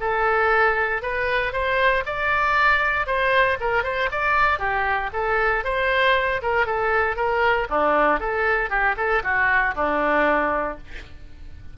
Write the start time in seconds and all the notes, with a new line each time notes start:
0.00 A4
1.02 B4
1.52 C5
2.06 D5
3.07 C5
3.60 A#4
3.83 C5
4.11 D5
4.59 G4
5.13 A4
5.64 C5
6.42 A#4
6.66 A4
7.16 A#4
7.69 D4
8.20 A4
8.70 G4
8.97 A4
9.23 F#4
9.75 D4